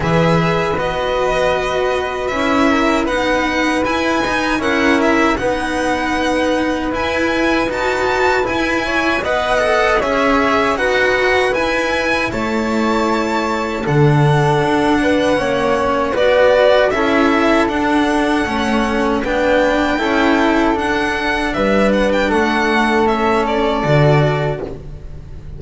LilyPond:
<<
  \new Staff \with { instrumentName = "violin" } { \time 4/4 \tempo 4 = 78 e''4 dis''2 e''4 | fis''4 gis''4 fis''8 e''8 fis''4~ | fis''4 gis''4 a''4 gis''4 | fis''4 e''4 fis''4 gis''4 |
a''2 fis''2~ | fis''4 d''4 e''4 fis''4~ | fis''4 g''2 fis''4 | e''8 fis''16 g''16 fis''4 e''8 d''4. | }
  \new Staff \with { instrumentName = "flute" } { \time 4/4 b'2.~ b'8 ais'8 | b'2 ais'4 b'4~ | b'2.~ b'8 cis''8 | dis''4 cis''4 b'2 |
cis''2 a'4. b'8 | cis''4 b'4 a'2~ | a'4 b'4 a'2 | b'4 a'2. | }
  \new Staff \with { instrumentName = "cello" } { \time 4/4 gis'4 fis'2 e'4 | dis'4 e'8 dis'8 e'4 dis'4~ | dis'4 e'4 fis'4 e'4 | b'8 a'8 gis'4 fis'4 e'4~ |
e'2 d'2 | cis'4 fis'4 e'4 d'4 | cis'4 d'4 e'4 d'4~ | d'2 cis'4 fis'4 | }
  \new Staff \with { instrumentName = "double bass" } { \time 4/4 e4 b2 cis'4 | b4 e'8 dis'8 cis'4 b4~ | b4 e'4 dis'4 e'4 | b4 cis'4 dis'4 e'4 |
a2 d4 d'4 | ais4 b4 cis'4 d'4 | a4 b4 cis'4 d'4 | g4 a2 d4 | }
>>